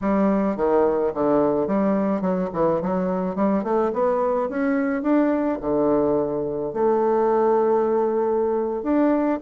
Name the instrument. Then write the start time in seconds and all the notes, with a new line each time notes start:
bassoon
0.01 G3
0.56 D#3
1.13 D3
1.67 G3
2.21 F#3
2.53 E3
2.81 F#3
3.35 G3
3.63 A3
3.93 B3
4.49 C#4
5.02 D4
5.60 D3
6.73 A3
8.83 D4